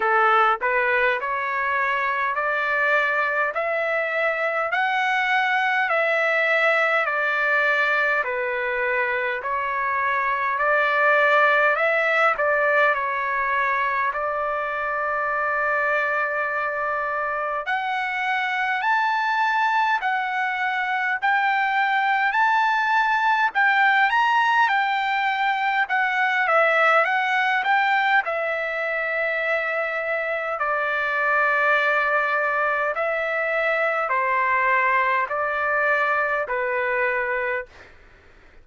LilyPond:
\new Staff \with { instrumentName = "trumpet" } { \time 4/4 \tempo 4 = 51 a'8 b'8 cis''4 d''4 e''4 | fis''4 e''4 d''4 b'4 | cis''4 d''4 e''8 d''8 cis''4 | d''2. fis''4 |
a''4 fis''4 g''4 a''4 | g''8 ais''8 g''4 fis''8 e''8 fis''8 g''8 | e''2 d''2 | e''4 c''4 d''4 b'4 | }